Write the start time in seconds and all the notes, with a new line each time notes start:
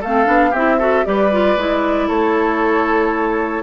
0.00 A3 C4 A4 F5
0.25 B3 D4
0.50 C4 E4 G4 E5
0.78 F#4 A4
1.05 G3 G4 B4 D5
1.31 F4
1.56 G#3 E4
2.08 A3 A4 C#5